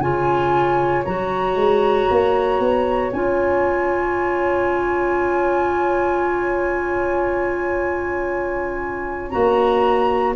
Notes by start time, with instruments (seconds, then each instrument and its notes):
0.00 tuba C#3, clarinet F4, oboe C#5, flute G#5
1.05 tuba F#3, clarinet F#4, flute A#5
1.56 tuba G#3
2.11 tuba A#3
2.60 tuba B3
3.13 tuba C#4, clarinet F4, flute G#5
9.30 tuba A#3, clarinet F#4, flute A#5